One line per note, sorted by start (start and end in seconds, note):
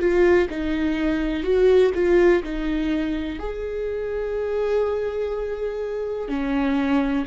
0.00 0.48 F4
0.50 1.44 D#4
1.44 1.92 F#4
1.95 2.43 F4
2.44 3.40 D#4
3.40 6.29 G#4
6.29 7.26 C#4